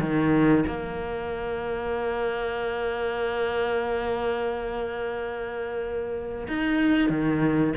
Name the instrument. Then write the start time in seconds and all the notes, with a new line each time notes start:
cello
0.00 D#3
0.67 A#3
6.48 D#4
7.09 D#3